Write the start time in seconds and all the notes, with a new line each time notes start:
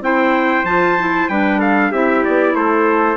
0.00 C4 E4 C5 G5
0.63 F3 F4 A5
0.99 E4
1.28 G3 D4 B4 G5
1.59 A4 F5
1.91 C4 E4 G4 E5
2.24 B3 D5
2.54 A3 A4 C5